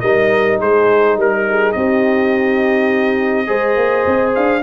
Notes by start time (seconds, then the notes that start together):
0.00 G3 D#4 A#4 D#5
0.59 G#3 G#4 C5
1.17 G3 A#4
1.49 G#4
1.72 C4 G4 D#5
3.47 G#3 G#4 C5
3.76 A#3
4.07 C4
4.35 D4 F5